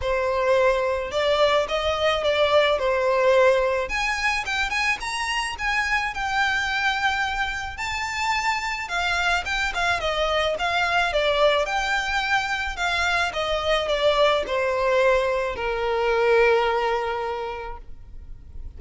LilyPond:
\new Staff \with { instrumentName = "violin" } { \time 4/4 \tempo 4 = 108 c''2 d''4 dis''4 | d''4 c''2 gis''4 | g''8 gis''8 ais''4 gis''4 g''4~ | g''2 a''2 |
f''4 g''8 f''8 dis''4 f''4 | d''4 g''2 f''4 | dis''4 d''4 c''2 | ais'1 | }